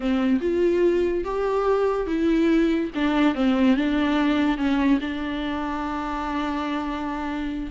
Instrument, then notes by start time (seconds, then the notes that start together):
viola
0.00 C4
0.41 F4
1.24 G4
2.07 E4
2.94 D4
3.34 C4
3.76 D4
4.57 C#4
5.00 D4